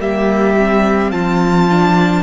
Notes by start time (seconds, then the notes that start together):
0.00 G3 A#3 G4 E5
0.58 C4
1.12 F3 F4 A5
1.71 D4